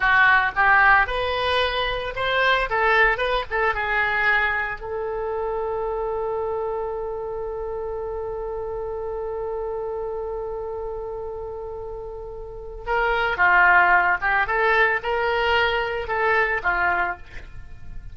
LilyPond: \new Staff \with { instrumentName = "oboe" } { \time 4/4 \tempo 4 = 112 fis'4 g'4 b'2 | c''4 a'4 b'8 a'8 gis'4~ | gis'4 a'2.~ | a'1~ |
a'1~ | a'1 | ais'4 f'4. g'8 a'4 | ais'2 a'4 f'4 | }